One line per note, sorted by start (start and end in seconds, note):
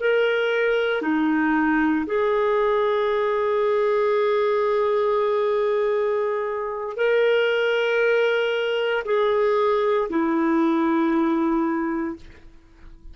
0.00 1.02 A#4
1.02 2.05 D#4
2.06 6.96 G#4
6.96 9.03 A#4
9.05 10.09 G#4
10.09 12.16 E4